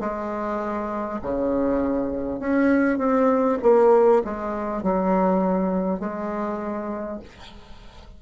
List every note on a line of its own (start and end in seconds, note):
0.00 1.20 G#3
1.22 2.39 C#3
2.39 2.98 C#4
2.98 3.58 C4
3.62 4.22 A#3
4.24 4.82 G#3
4.82 5.99 F#3
5.99 7.19 G#3